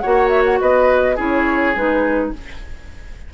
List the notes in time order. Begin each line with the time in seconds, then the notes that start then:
0.00 A#3 F#4 C#5 F#5
0.29 E5
0.45 F#5
0.61 B3 B4 D#5
1.16 C#4 E4 G#4 C#5
1.76 G#3 D#4 B4